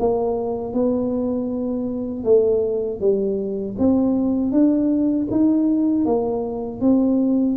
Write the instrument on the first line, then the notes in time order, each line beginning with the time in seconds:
tuba
0.00 A#3
0.74 B3
2.24 A3
3.00 G3
3.79 C4
4.52 D4
5.31 D#4
6.05 A#3
6.81 C4